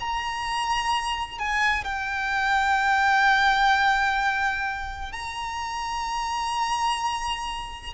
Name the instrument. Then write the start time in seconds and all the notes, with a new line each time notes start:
violin
0.00 A#5
1.39 G#5
1.84 G5
5.12 A#5